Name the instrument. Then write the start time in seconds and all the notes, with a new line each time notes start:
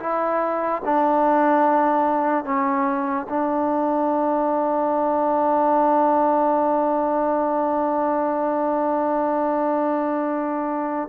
trombone
0.00 E4
0.85 D4
2.45 C#4
3.29 D4